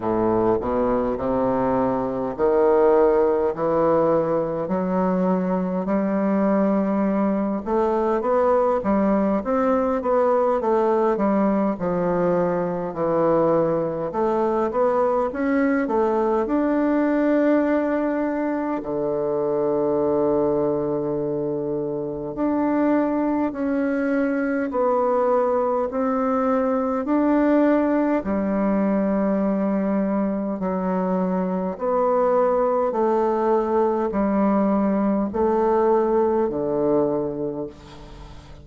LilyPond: \new Staff \with { instrumentName = "bassoon" } { \time 4/4 \tempo 4 = 51 a,8 b,8 c4 dis4 e4 | fis4 g4. a8 b8 g8 | c'8 b8 a8 g8 f4 e4 | a8 b8 cis'8 a8 d'2 |
d2. d'4 | cis'4 b4 c'4 d'4 | g2 fis4 b4 | a4 g4 a4 d4 | }